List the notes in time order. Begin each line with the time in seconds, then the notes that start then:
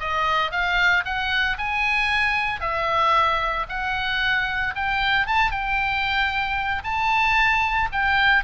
0.00 D#5
0.52 F5
1.05 F#5
1.58 G#5
2.61 E5
3.69 F#5
4.76 G5
5.27 A5
5.51 G5
6.84 A5
7.92 G5